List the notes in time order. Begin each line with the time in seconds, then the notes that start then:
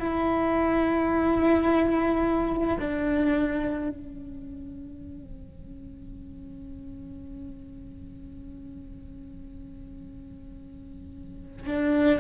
0.00 E4
2.80 D4
3.89 C#4
11.67 D4